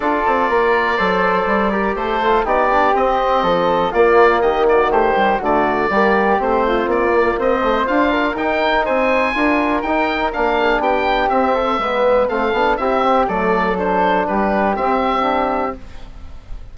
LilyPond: <<
  \new Staff \with { instrumentName = "oboe" } { \time 4/4 \tempo 4 = 122 d''1 | c''4 d''4 dis''2 | d''4 dis''8 d''8 c''4 d''4~ | d''4 c''4 d''4 dis''4 |
f''4 g''4 gis''2 | g''4 f''4 g''4 e''4~ | e''4 f''4 e''4 d''4 | c''4 b'4 e''2 | }
  \new Staff \with { instrumentName = "flute" } { \time 4/4 a'4 ais'4 c''4. ais'8 | a'4 g'2 a'4 | f'4 g'8 fis'8 g'4 fis'4 | g'4. f'4. c''4~ |
c''8 ais'4. c''4 ais'4~ | ais'4. gis'8 g'4. a'8 | b'4 a'4 g'4 a'4~ | a'4 g'2. | }
  \new Staff \with { instrumentName = "trombone" } { \time 4/4 f'2 a'4. g'8~ | g'8 f'8 dis'8 d'8 c'2 | ais2 a8 g8 a4 | ais4 c'4. ais4 a8 |
f'4 dis'2 f'4 | dis'4 d'2 c'4 | b4 c'8 d'8 e'8 c'8 a4 | d'2 c'4 d'4 | }
  \new Staff \with { instrumentName = "bassoon" } { \time 4/4 d'8 c'8 ais4 fis4 g4 | a4 b4 c'4 f4 | ais4 dis2 d4 | g4 a4 ais4 c'4 |
d'4 dis'4 c'4 d'4 | dis'4 ais4 b4 c'4 | gis4 a8 b8 c'4 fis4~ | fis4 g4 c'2 | }
>>